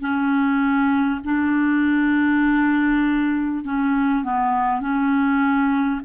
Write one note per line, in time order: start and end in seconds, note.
0.00 1.20 C#4
1.24 3.64 D4
3.64 4.24 C#4
4.24 4.81 B3
4.81 6.01 C#4